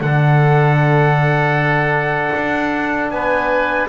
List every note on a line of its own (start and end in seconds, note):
0.00 2.31 D3
0.00 3.88 D4
0.00 3.12 A4
0.00 3.09 F#5
2.36 3.10 D4
3.10 3.87 B3
3.10 3.88 B4
3.10 3.87 G#5